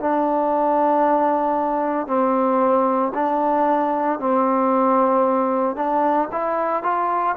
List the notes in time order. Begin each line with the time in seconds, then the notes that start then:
0.00 D4
2.07 C4
3.14 D4
4.20 C4
5.76 D4
6.32 E4
6.83 F4